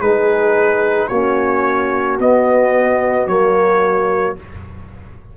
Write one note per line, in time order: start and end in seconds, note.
0.00 1.09 G#3
0.00 1.10 D#4
0.00 1.08 G#4
0.00 1.07 B4
1.07 2.18 A#3
1.07 2.19 C#4
1.07 4.35 F#4
1.07 2.17 C#5
2.18 3.26 B3
2.18 3.27 B3
2.18 3.27 D#5
3.26 4.35 F#3
3.26 4.36 A#3
3.26 4.36 C#5